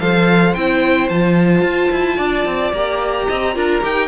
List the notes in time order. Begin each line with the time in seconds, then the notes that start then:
0.00 F3 A4 C5 F5
0.54 C4 E4 G5
1.08 F3 F4 A5
1.62 F4
1.91 E4
2.17 D4 D5
2.45 C4
2.73 A#3 G4 A#5
3.27 C4 D#5
3.54 D4 F4 A#4
3.81 D#4 G4 G5